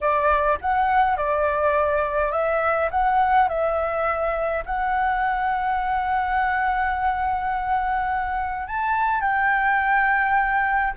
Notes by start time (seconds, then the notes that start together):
0.00 D5
0.61 F#5
1.16 D5
2.31 E5
2.90 F#5
3.48 E5
4.65 F#5
8.67 A5
9.20 G5